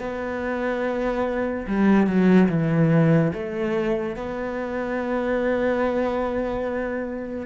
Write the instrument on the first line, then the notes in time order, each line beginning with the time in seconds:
cello
0.00 B3
1.67 G3
2.07 F#3
2.49 E3
3.33 A3
4.17 B3